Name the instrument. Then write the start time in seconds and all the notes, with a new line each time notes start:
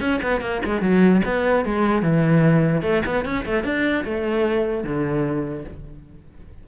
cello
0.00 C#4
0.23 B3
0.41 A#3
0.65 G#3
0.81 F#3
1.25 B3
1.65 G#3
2.02 E3
2.82 A3
3.06 B3
3.25 C#4
3.45 A3
3.64 D4
4.05 A3
4.84 D3